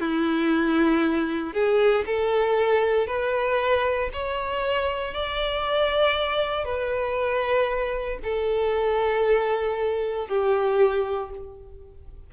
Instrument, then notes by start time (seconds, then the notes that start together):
violin
0.00 E4
1.53 G#4
2.06 A4
3.07 B4
4.13 C#5
5.14 D5
6.65 B4
8.23 A4
10.28 G4